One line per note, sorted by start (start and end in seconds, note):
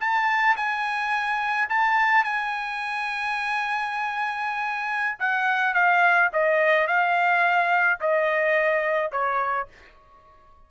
0.00 0.56 A5
0.57 1.69 G#5
1.69 2.24 A5
2.24 5.18 G#5
5.19 5.74 F#5
5.74 6.30 F5
6.33 6.88 D#5
6.88 8.00 F5
8.01 9.12 D#5
9.12 9.68 C#5